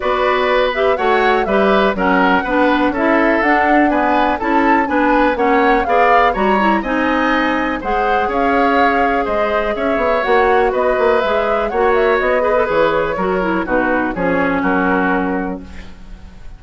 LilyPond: <<
  \new Staff \with { instrumentName = "flute" } { \time 4/4 \tempo 4 = 123 d''4. e''8 fis''4 e''4 | fis''2 e''4 fis''4 | gis''4 a''4 gis''4 fis''4 | f''4 ais''4 gis''2 |
fis''4 f''2 dis''4 | e''4 fis''4 dis''4 e''4 | fis''8 e''8 dis''4 cis''2 | b'4 cis''4 ais'2 | }
  \new Staff \with { instrumentName = "oboe" } { \time 4/4 b'2 cis''4 b'4 | ais'4 b'4 a'2 | b'4 a'4 b'4 cis''4 | d''4 cis''4 dis''2 |
c''4 cis''2 c''4 | cis''2 b'2 | cis''4. b'4. ais'4 | fis'4 gis'4 fis'2 | }
  \new Staff \with { instrumentName = "clarinet" } { \time 4/4 fis'4. g'8 fis'4 g'4 | cis'4 d'4 e'4 d'4 | b4 e'4 d'4 cis'4 | gis'4 fis'8 e'8 dis'2 |
gis'1~ | gis'4 fis'2 gis'4 | fis'4. gis'16 a'16 gis'4 fis'8 e'8 | dis'4 cis'2. | }
  \new Staff \with { instrumentName = "bassoon" } { \time 4/4 b2 a4 g4 | fis4 b4 cis'4 d'4~ | d'4 cis'4 b4 ais4 | b4 g4 c'2 |
gis4 cis'2 gis4 | cis'8 b8 ais4 b8 ais8 gis4 | ais4 b4 e4 fis4 | b,4 f4 fis2 | }
>>